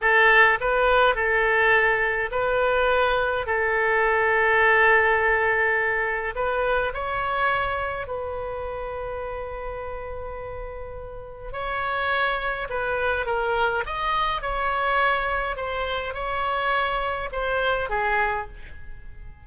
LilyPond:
\new Staff \with { instrumentName = "oboe" } { \time 4/4 \tempo 4 = 104 a'4 b'4 a'2 | b'2 a'2~ | a'2. b'4 | cis''2 b'2~ |
b'1 | cis''2 b'4 ais'4 | dis''4 cis''2 c''4 | cis''2 c''4 gis'4 | }